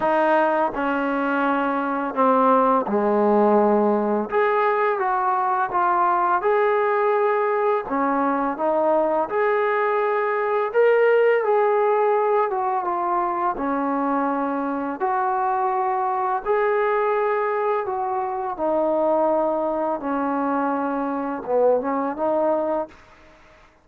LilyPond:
\new Staff \with { instrumentName = "trombone" } { \time 4/4 \tempo 4 = 84 dis'4 cis'2 c'4 | gis2 gis'4 fis'4 | f'4 gis'2 cis'4 | dis'4 gis'2 ais'4 |
gis'4. fis'8 f'4 cis'4~ | cis'4 fis'2 gis'4~ | gis'4 fis'4 dis'2 | cis'2 b8 cis'8 dis'4 | }